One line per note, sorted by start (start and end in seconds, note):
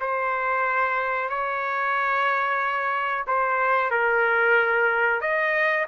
0.00 1.29 C5
1.29 3.25 C#5
3.27 3.90 C5
3.90 5.21 A#4
5.21 5.86 D#5